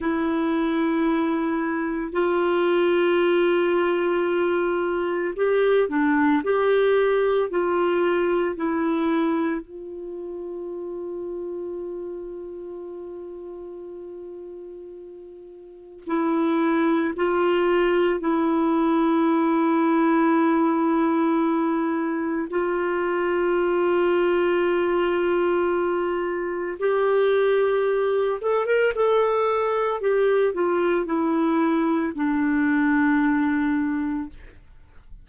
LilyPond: \new Staff \with { instrumentName = "clarinet" } { \time 4/4 \tempo 4 = 56 e'2 f'2~ | f'4 g'8 d'8 g'4 f'4 | e'4 f'2.~ | f'2. e'4 |
f'4 e'2.~ | e'4 f'2.~ | f'4 g'4. a'16 ais'16 a'4 | g'8 f'8 e'4 d'2 | }